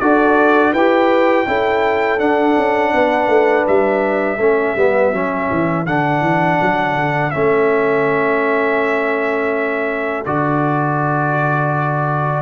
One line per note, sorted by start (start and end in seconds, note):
0.00 0.73 D4
0.00 0.75 F#4
0.00 0.72 A4
0.00 0.73 D5
0.72 1.46 E4
0.72 1.47 G4
0.72 1.45 B4
0.72 2.19 G5
1.47 2.20 C#4
1.47 2.19 E4
1.47 2.94 A4
2.19 4.39 D4
2.19 2.56 D4
2.19 3.66 F#5
2.57 2.94 C#4
2.94 3.27 B3
2.94 4.40 B4
3.27 3.64 A3
3.67 4.38 G3
3.67 5.86 E5
4.38 4.74 A3
4.38 4.77 C#4
4.38 12.42 A4
4.76 5.12 G3
4.76 5.13 B3
5.12 5.49 F#3
5.12 5.86 C#4
5.51 5.86 E3
5.86 6.21 D3
5.86 7.32 D4
5.86 7.31 F#5
6.21 6.58 E3
6.61 6.95 F#3
6.95 7.32 D3
7.31 10.26 A3
7.31 10.25 C#4
7.31 10.23 E5
10.26 12.42 D3
10.26 12.42 F#4
10.26 12.42 D5